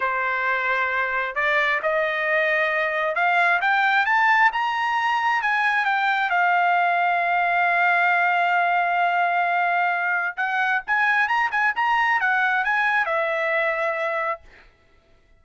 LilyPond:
\new Staff \with { instrumentName = "trumpet" } { \time 4/4 \tempo 4 = 133 c''2. d''4 | dis''2. f''4 | g''4 a''4 ais''2 | gis''4 g''4 f''2~ |
f''1~ | f''2. fis''4 | gis''4 ais''8 gis''8 ais''4 fis''4 | gis''4 e''2. | }